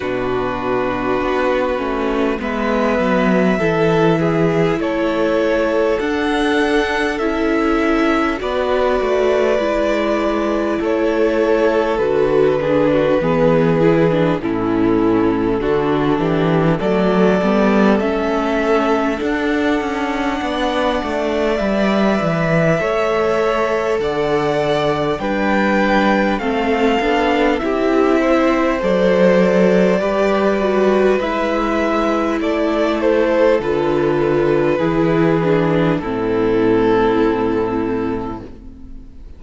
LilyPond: <<
  \new Staff \with { instrumentName = "violin" } { \time 4/4 \tempo 4 = 50 b'2 e''2 | cis''4 fis''4 e''4 d''4~ | d''4 cis''4 b'2 | a'2 d''4 e''4 |
fis''2 e''2 | fis''4 g''4 f''4 e''4 | d''2 e''4 d''8 c''8 | b'2 a'2 | }
  \new Staff \with { instrumentName = "violin" } { \time 4/4 fis'2 b'4 a'8 gis'8 | a'2. b'4~ | b'4 a'4. gis'16 fis'16 gis'4 | e'4 fis'8 g'8 a'2~ |
a'4 d''2 cis''4 | d''4 b'4 a'4 g'8 c''8~ | c''4 b'2 a'4~ | a'4 gis'4 e'2 | }
  \new Staff \with { instrumentName = "viola" } { \time 4/4 d'4. cis'8 b4 e'4~ | e'4 d'4 e'4 fis'4 | e'2 fis'8 d'8 b8 e'16 d'16 | cis'4 d'4 a8 b8 cis'4 |
d'2 b'4 a'4~ | a'4 d'4 c'8 d'8 e'4 | a'4 g'8 fis'8 e'2 | f'4 e'8 d'8 c'2 | }
  \new Staff \with { instrumentName = "cello" } { \time 4/4 b,4 b8 a8 gis8 fis8 e4 | a4 d'4 cis'4 b8 a8 | gis4 a4 d4 e4 | a,4 d8 e8 fis8 g8 a4 |
d'8 cis'8 b8 a8 g8 e8 a4 | d4 g4 a8 b8 c'4 | fis4 g4 gis4 a4 | d4 e4 a,2 | }
>>